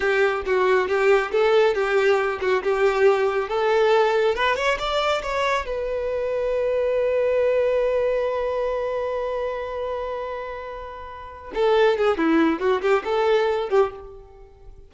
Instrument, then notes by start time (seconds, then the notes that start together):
violin
0.00 G4
0.46 F#4
0.88 G4
1.31 A4
1.74 G4
2.41 F#4
2.63 G4
3.48 A4
4.35 B4
4.56 C#5
4.78 D5
5.22 C#5
5.65 B4
11.54 A4
11.97 G#4
12.17 E4
12.59 F#4
12.81 G4
13.04 A4
13.69 G4